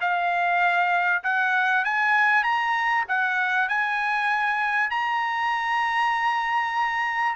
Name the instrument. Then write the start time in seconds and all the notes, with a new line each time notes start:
trumpet
0.00 F5
1.23 F#5
1.84 G#5
2.43 A#5
3.08 F#5
3.68 G#5
4.90 A#5